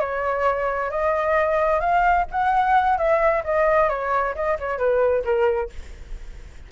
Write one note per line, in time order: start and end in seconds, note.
0.00 0.90 C#5
0.90 1.80 D#5
1.80 2.26 F5
2.31 2.98 F#5
2.98 3.43 E5
3.44 3.89 D#5
3.89 4.35 C#5
4.35 4.58 D#5
4.60 4.78 C#5
4.78 5.24 B4
5.25 5.70 A#4